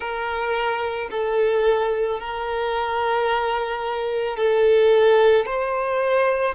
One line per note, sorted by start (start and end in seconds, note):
0.00 1.09 A#4
1.11 2.20 A4
2.20 4.36 A#4
4.36 5.45 A4
5.45 6.55 C5